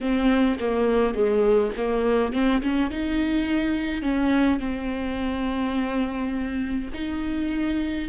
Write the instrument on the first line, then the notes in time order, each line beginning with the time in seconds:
viola
0.01 C4
0.59 A#3
1.14 G#3
1.76 A#3
2.32 C4
2.62 C#4
2.90 D#4
4.02 C#4
4.59 C4
6.93 D#4